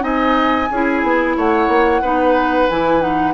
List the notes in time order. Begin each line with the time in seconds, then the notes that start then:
0.00 C4 D#4 D#5 G#5
0.70 C#4 E4 G#4
1.02 B3
1.36 A3 C#5 F#5
1.68 A#3
2.02 B3 D#4 B4
2.69 E3 E4 G#5
2.99 D#4 F#5